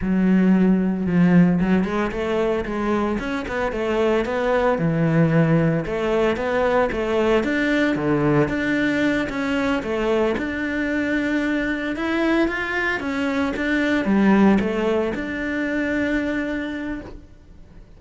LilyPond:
\new Staff \with { instrumentName = "cello" } { \time 4/4 \tempo 4 = 113 fis2 f4 fis8 gis8 | a4 gis4 cis'8 b8 a4 | b4 e2 a4 | b4 a4 d'4 d4 |
d'4. cis'4 a4 d'8~ | d'2~ d'8 e'4 f'8~ | f'8 cis'4 d'4 g4 a8~ | a8 d'2.~ d'8 | }